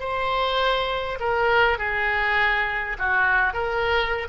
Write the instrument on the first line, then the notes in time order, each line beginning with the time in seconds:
oboe
0.00 C5
1.20 A#4
1.78 G#4
2.99 F#4
3.54 A#4